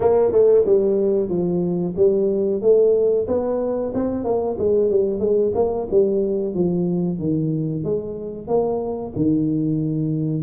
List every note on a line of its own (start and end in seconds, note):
0.00 0.32 A#3
0.32 0.64 A3
0.65 1.29 G3
1.29 1.94 F3
1.96 2.61 G3
2.61 3.26 A3
3.27 3.92 B3
3.94 4.24 C4
4.24 4.57 A#3
4.58 4.90 G#3
4.90 5.19 G3
5.19 5.52 G#3
5.54 5.87 A#3
5.90 6.54 G3
6.54 7.19 F3
7.19 7.84 D#3
7.84 8.47 G#3
8.47 9.12 A#3
9.16 10.43 D#3